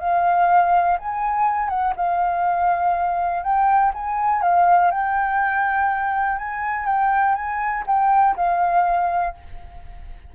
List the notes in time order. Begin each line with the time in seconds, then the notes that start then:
0.00 F5
0.99 G#5
1.69 F#5
1.97 F5
3.43 G5
3.94 G#5
4.42 F5
4.91 G5
6.39 G#5
6.86 G5
7.35 G#5
7.87 G5
8.37 F5